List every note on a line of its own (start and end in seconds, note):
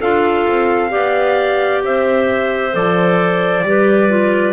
0.00 0.47 D4
0.00 0.89 F4
0.00 0.91 A4
0.00 1.83 F5
0.47 0.93 C4
0.89 1.84 B3
0.89 2.71 G4
0.89 1.82 D5
1.84 2.74 C4
1.84 3.66 C5
1.84 2.75 E5
2.72 3.63 F3
2.72 3.63 A4
2.72 4.53 D5
3.63 4.53 G3
3.63 4.09 G4
3.63 4.53 B4
4.09 4.53 F4